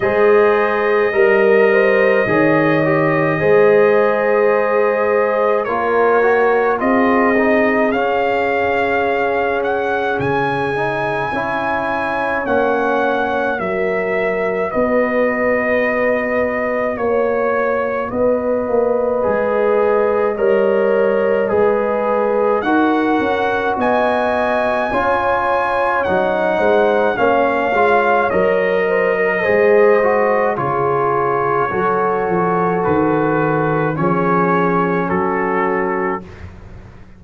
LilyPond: <<
  \new Staff \with { instrumentName = "trumpet" } { \time 4/4 \tempo 4 = 53 dis''1~ | dis''4 cis''4 dis''4 f''4~ | f''8 fis''8 gis''2 fis''4 | e''4 dis''2 cis''4 |
dis''1 | fis''4 gis''2 fis''4 | f''4 dis''2 cis''4~ | cis''4 b'4 cis''4 a'4 | }
  \new Staff \with { instrumentName = "horn" } { \time 4/4 c''4 ais'8 c''8 cis''4 c''4~ | c''4 ais'4 gis'2~ | gis'2 cis''2 | ais'4 b'2 cis''4 |
b'2 cis''4 b'4 | ais'4 dis''4 cis''4. c''8 | cis''4. c''16 ais'16 c''4 gis'4 | a'2 gis'4 fis'4 | }
  \new Staff \with { instrumentName = "trombone" } { \time 4/4 gis'4 ais'4 gis'8 g'8 gis'4~ | gis'4 f'8 fis'8 f'8 dis'8 cis'4~ | cis'4. dis'8 e'4 cis'4 | fis'1~ |
fis'4 gis'4 ais'4 gis'4 | fis'2 f'4 dis'4 | cis'8 f'8 ais'4 gis'8 fis'8 f'4 | fis'2 cis'2 | }
  \new Staff \with { instrumentName = "tuba" } { \time 4/4 gis4 g4 dis4 gis4~ | gis4 ais4 c'4 cis'4~ | cis'4 cis4 cis'4 ais4 | fis4 b2 ais4 |
b8 ais8 gis4 g4 gis4 | dis'8 cis'8 b4 cis'4 fis8 gis8 | ais8 gis8 fis4 gis4 cis4 | fis8 f8 dis4 f4 fis4 | }
>>